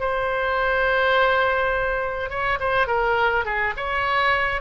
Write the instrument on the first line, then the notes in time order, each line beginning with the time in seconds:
oboe
0.00 C5
2.30 C#5
2.60 C5
2.87 A#4
3.45 G#4
3.77 C#5